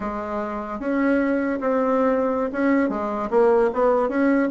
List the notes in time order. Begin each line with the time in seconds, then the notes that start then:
0.00 G#3
0.79 C#4
1.60 C4
2.52 C#4
2.89 G#3
3.30 A#3
3.73 B3
4.08 C#4